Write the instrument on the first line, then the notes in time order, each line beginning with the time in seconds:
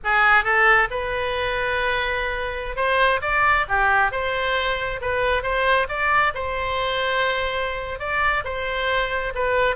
oboe
0.04 G#4
0.43 A4
0.90 B4
2.76 C5
3.21 D5
3.68 G4
4.11 C5
5.01 B4
5.42 C5
5.88 D5
6.34 C5
7.99 D5
8.44 C5
9.34 B4